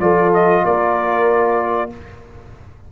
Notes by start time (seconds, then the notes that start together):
0.00 F3 F4 A4 D5
0.34 D#5
0.65 A#3 A#4 D5